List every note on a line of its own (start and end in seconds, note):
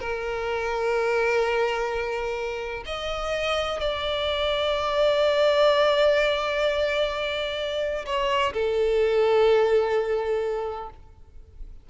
0.00 2.83 A#4
2.86 3.80 D#5
3.80 8.05 D5
8.06 8.53 C#5
8.53 10.89 A4